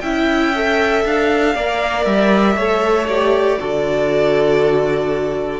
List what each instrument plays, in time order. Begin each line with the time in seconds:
0.00 cello C#4, viola E4, violin E5 G5
0.55 viola A4
1.04 cello D4, violin F5
1.55 cello A#3, viola A#4, violin D5
2.05 cello G3, violin E5
2.55 cello A3, viola A4, violin C#5
3.08 viola G4, violin D5
3.58 cello D3, viola F#4, violin A4